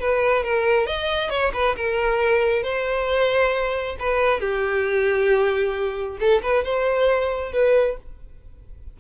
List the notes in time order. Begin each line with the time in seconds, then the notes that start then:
0.00 B4
0.43 A#4
0.87 D#5
1.30 C#5
1.53 B4
1.76 A#4
2.63 C5
4.00 B4
4.40 G4
6.20 A4
6.43 B4
6.64 C5
7.52 B4